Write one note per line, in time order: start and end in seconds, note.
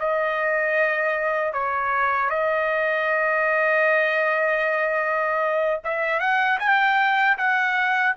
0.00 1.53 D#5
1.53 2.31 C#5
2.31 5.81 D#5
5.84 6.20 E5
6.20 6.59 F#5
6.60 7.38 G5
7.38 8.16 F#5